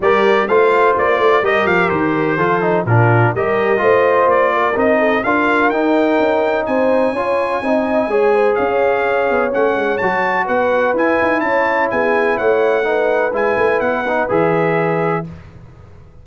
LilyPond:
<<
  \new Staff \with { instrumentName = "trumpet" } { \time 4/4 \tempo 4 = 126 d''4 f''4 d''4 dis''8 f''8 | c''2 ais'4 dis''4~ | dis''4 d''4 dis''4 f''4 | g''2 gis''2~ |
gis''2 f''2 | fis''4 a''4 fis''4 gis''4 | a''4 gis''4 fis''2 | gis''4 fis''4 e''2 | }
  \new Staff \with { instrumentName = "horn" } { \time 4/4 ais'4 c''2 ais'4~ | ais'4 a'4 f'4 ais'4 | c''4. ais'4 a'8 ais'4~ | ais'2 c''4 cis''4 |
dis''4 cis''8 c''8 cis''2~ | cis''2 b'2 | cis''4 gis'4 cis''4 b'4~ | b'1 | }
  \new Staff \with { instrumentName = "trombone" } { \time 4/4 g'4 f'2 g'4~ | g'4 f'8 dis'8 d'4 g'4 | f'2 dis'4 f'4 | dis'2. f'4 |
dis'4 gis'2. | cis'4 fis'2 e'4~ | e'2. dis'4 | e'4. dis'8 gis'2 | }
  \new Staff \with { instrumentName = "tuba" } { \time 4/4 g4 a4 ais8 a8 g8 f8 | dis4 f4 ais,4 g4 | a4 ais4 c'4 d'4 | dis'4 cis'4 c'4 cis'4 |
c'4 gis4 cis'4. b8 | a8 gis8 fis4 b4 e'8 dis'8 | cis'4 b4 a2 | gis8 a8 b4 e2 | }
>>